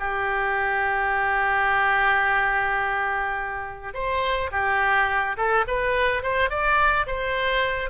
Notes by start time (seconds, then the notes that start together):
0.00 G4
3.94 C5
4.52 G4
5.37 A4
5.68 B4
6.23 C5
6.50 D5
7.07 C5